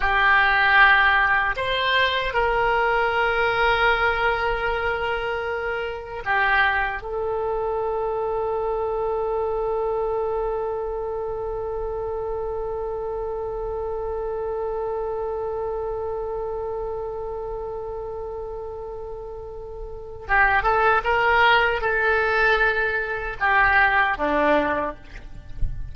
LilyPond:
\new Staff \with { instrumentName = "oboe" } { \time 4/4 \tempo 4 = 77 g'2 c''4 ais'4~ | ais'1 | g'4 a'2.~ | a'1~ |
a'1~ | a'1~ | a'2 g'8 a'8 ais'4 | a'2 g'4 d'4 | }